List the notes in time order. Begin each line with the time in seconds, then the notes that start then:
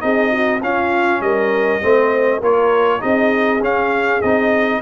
0.00 C4 D#4 G#4 D#5
0.31 F#4
0.62 C#4 F4 F5
1.20 G3 A#4 D#5
1.81 A3 C4 C5
2.40 A#3 F4 A#4 C#5
3.00 C4 D#4 G#4 D#5
3.61 C#4 F5
4.21 C4 D#4 D#5